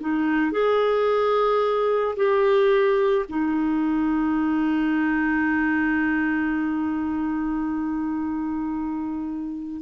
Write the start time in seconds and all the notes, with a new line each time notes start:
0.00 D#4
0.52 G#4
2.16 G4
3.28 D#4